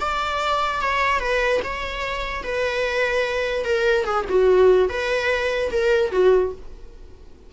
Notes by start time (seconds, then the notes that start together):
0.00 D5
0.81 C#5
1.20 B4
1.64 C#5
2.43 B4
3.64 A#4
4.04 G#4
4.29 F#4
4.89 B4
5.71 A#4
6.11 F#4